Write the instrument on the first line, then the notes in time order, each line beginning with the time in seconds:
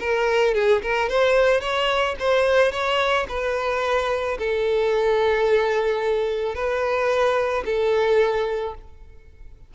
violin
0.00 A#4
0.55 G#4
0.82 A#4
1.09 C5
1.61 C#5
2.20 C5
2.72 C#5
3.29 B4
4.39 A4
6.55 B4
7.66 A4